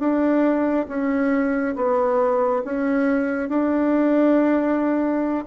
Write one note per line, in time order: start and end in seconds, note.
0.00 0.87 D4
0.89 1.75 C#4
1.76 2.63 B3
2.65 3.49 C#4
3.49 5.45 D4